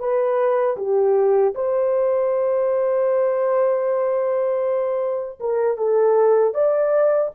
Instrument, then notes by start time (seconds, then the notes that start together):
horn
0.00 B4
0.77 G4
1.55 C5
5.40 A#4
5.78 A4
6.55 D5